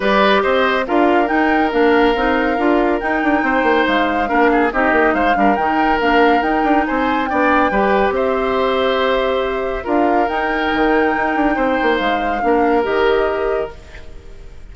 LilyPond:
<<
  \new Staff \with { instrumentName = "flute" } { \time 4/4 \tempo 4 = 140 d''4 dis''4 f''4 g''4 | f''2. g''4~ | g''4 f''2 dis''4 | f''4 g''4 f''4 g''4 |
gis''4 g''2 e''4~ | e''2. f''4 | g''1 | f''2 dis''2 | }
  \new Staff \with { instrumentName = "oboe" } { \time 4/4 b'4 c''4 ais'2~ | ais'1 | c''2 ais'8 gis'8 g'4 | c''8 ais'2.~ ais'8 |
c''4 d''4 b'4 c''4~ | c''2. ais'4~ | ais'2. c''4~ | c''4 ais'2. | }
  \new Staff \with { instrumentName = "clarinet" } { \time 4/4 g'2 f'4 dis'4 | d'4 dis'4 f'4 dis'4~ | dis'2 d'4 dis'4~ | dis'8 d'8 dis'4 d'4 dis'4~ |
dis'4 d'4 g'2~ | g'2. f'4 | dis'1~ | dis'4 d'4 g'2 | }
  \new Staff \with { instrumentName = "bassoon" } { \time 4/4 g4 c'4 d'4 dis'4 | ais4 c'4 d'4 dis'8 d'8 | c'8 ais8 gis4 ais4 c'8 ais8 | gis8 g8 dis4 ais4 dis'8 d'8 |
c'4 b4 g4 c'4~ | c'2. d'4 | dis'4 dis4 dis'8 d'8 c'8 ais8 | gis4 ais4 dis2 | }
>>